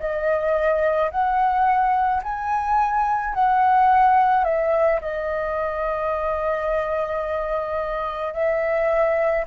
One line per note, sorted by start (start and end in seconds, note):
0.00 1.11 D#5
1.11 2.22 F#5
2.24 3.34 G#5
3.34 4.44 F#5
4.44 5.00 E5
5.02 8.34 D#5
8.34 9.45 E5